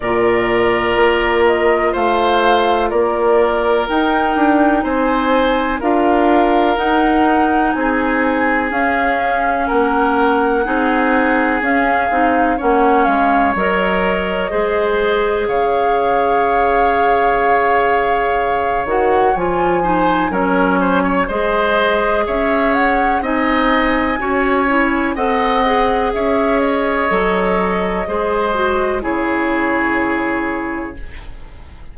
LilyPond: <<
  \new Staff \with { instrumentName = "flute" } { \time 4/4 \tempo 4 = 62 d''4. dis''8 f''4 d''4 | g''4 gis''4 f''4 fis''4 | gis''4 f''4 fis''2 | f''4 fis''8 f''8 dis''2 |
f''2.~ f''8 fis''8 | gis''4 cis''4 dis''4 e''8 fis''8 | gis''2 fis''4 e''8 dis''8~ | dis''2 cis''2 | }
  \new Staff \with { instrumentName = "oboe" } { \time 4/4 ais'2 c''4 ais'4~ | ais'4 c''4 ais'2 | gis'2 ais'4 gis'4~ | gis'4 cis''2 c''4 |
cis''1~ | cis''8 c''8 ais'8 c''16 cis''16 c''4 cis''4 | dis''4 cis''4 dis''4 cis''4~ | cis''4 c''4 gis'2 | }
  \new Staff \with { instrumentName = "clarinet" } { \time 4/4 f'1 | dis'2 f'4 dis'4~ | dis'4 cis'2 dis'4 | cis'8 dis'8 cis'4 ais'4 gis'4~ |
gis'2.~ gis'8 fis'8 | f'8 dis'8 cis'4 gis'2 | dis'4 fis'8 e'8 a'8 gis'4. | a'4 gis'8 fis'8 e'2 | }
  \new Staff \with { instrumentName = "bassoon" } { \time 4/4 ais,4 ais4 a4 ais4 | dis'8 d'8 c'4 d'4 dis'4 | c'4 cis'4 ais4 c'4 | cis'8 c'8 ais8 gis8 fis4 gis4 |
cis2.~ cis8 dis8 | f4 fis4 gis4 cis'4 | c'4 cis'4 c'4 cis'4 | fis4 gis4 cis2 | }
>>